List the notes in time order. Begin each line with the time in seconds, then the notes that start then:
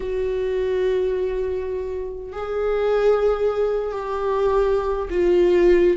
0.00 F#4
2.32 G#4
3.92 G4
5.10 F4